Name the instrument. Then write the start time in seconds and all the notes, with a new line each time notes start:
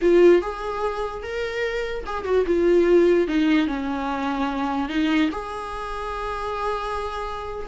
viola
0.01 F4
0.41 G#4
1.22 A#4
2.06 G#4
2.24 F#4
2.46 F4
3.27 D#4
3.67 C#4
4.88 D#4
5.31 G#4